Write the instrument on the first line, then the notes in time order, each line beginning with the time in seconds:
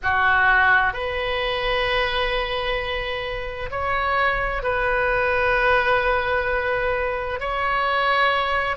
oboe
0.03 F#4
0.93 B4
3.70 C#5
4.62 B4
7.40 C#5